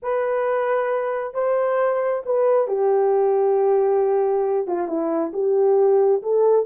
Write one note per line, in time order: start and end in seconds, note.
0.02 1.34 B4
1.34 2.22 C5
2.25 2.67 B4
2.67 4.67 G4
4.67 4.87 F4
4.87 5.32 E4
5.33 6.22 G4
6.22 6.66 A4